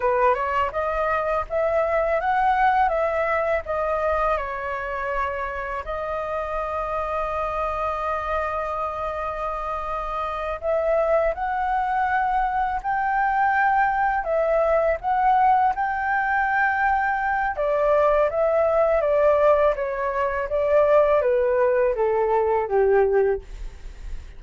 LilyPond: \new Staff \with { instrumentName = "flute" } { \time 4/4 \tempo 4 = 82 b'8 cis''8 dis''4 e''4 fis''4 | e''4 dis''4 cis''2 | dis''1~ | dis''2~ dis''8 e''4 fis''8~ |
fis''4. g''2 e''8~ | e''8 fis''4 g''2~ g''8 | d''4 e''4 d''4 cis''4 | d''4 b'4 a'4 g'4 | }